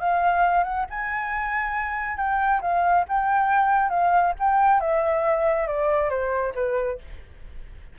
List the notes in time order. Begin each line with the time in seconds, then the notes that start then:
0.00 F5
0.64 F#5
0.90 G#5
2.17 G5
2.61 F5
3.08 G5
3.90 F5
4.39 G5
4.80 E5
5.67 D5
6.09 C5
6.55 B4